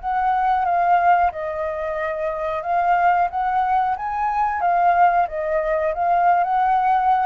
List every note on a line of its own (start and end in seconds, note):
0.00 0.65 F#5
0.65 1.31 F5
1.32 2.63 D#5
2.63 3.28 F5
3.30 3.96 F#5
3.97 4.61 G#5
4.61 5.27 F5
5.28 5.94 D#5
5.94 6.43 F5
6.44 7.26 F#5